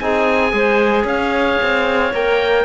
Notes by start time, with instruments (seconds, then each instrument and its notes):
0.00 cello C4, trombone D#4, clarinet G#4, oboe G#5
0.52 cello G#3, trombone G#4, clarinet C5
1.05 cello C#4, clarinet C#5, oboe F5
1.62 cello C4
2.14 cello A#3, trombone A#4, oboe G5